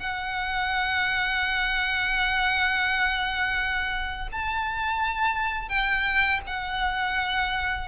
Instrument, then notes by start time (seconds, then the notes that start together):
violin
0.00 F#5
4.32 A5
5.69 G5
6.47 F#5